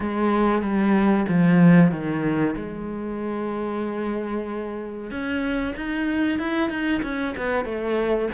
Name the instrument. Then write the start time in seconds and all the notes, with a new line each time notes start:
cello
0.00 G#3
0.62 G3
1.28 F3
1.91 D#3
2.56 G#3
5.10 C#4
5.76 D#4
6.38 E4
6.69 D#4
7.02 C#4
7.37 B3
7.65 A3